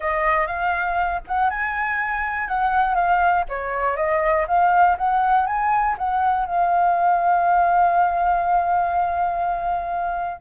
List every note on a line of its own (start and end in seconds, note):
0.00 0.46 D#5
0.46 1.21 F5
1.27 1.50 F#5
1.50 2.48 G#5
2.48 2.94 F#5
2.94 3.44 F5
3.48 3.96 C#5
3.96 4.46 D#5
4.47 4.97 F5
4.97 5.46 F#5
5.46 5.96 G#5
5.98 6.45 F#5
6.45 10.41 F5